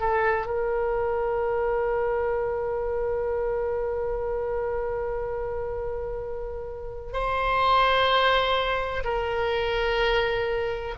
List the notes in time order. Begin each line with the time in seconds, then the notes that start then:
0.00 A4
0.46 A#4
7.13 C5
9.04 A#4